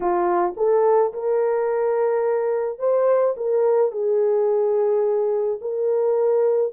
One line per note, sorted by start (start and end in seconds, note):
0.00 0.54 F4
0.56 1.12 A4
1.13 2.78 A#4
2.78 3.34 C5
3.36 3.91 A#4
3.91 5.59 G#4
5.61 6.72 A#4